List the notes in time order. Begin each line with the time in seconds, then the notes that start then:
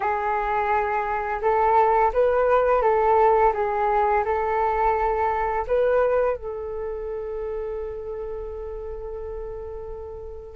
0.00 G#4
1.41 A4
2.13 B4
2.82 A4
3.53 G#4
4.24 A4
5.67 B4
6.36 A4